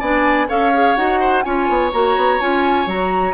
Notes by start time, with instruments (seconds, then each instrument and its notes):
0.00 bassoon B3, clarinet D4, oboe D5, flute G#5
0.49 bassoon C#4, clarinet A4, oboe C#5, flute F5
0.74 clarinet G#4
0.96 bassoon D#4, clarinet F#4, flute F#5
1.20 oboe C5
1.43 bassoon C#4, clarinet F4, oboe C#5, flute G#5
1.69 bassoon B3
1.93 bassoon A#3, clarinet F#4, flute A#5
2.17 bassoon B3
2.40 bassoon C#4, clarinet F4, flute G#5
2.87 bassoon F#3, clarinet F#4, flute A#5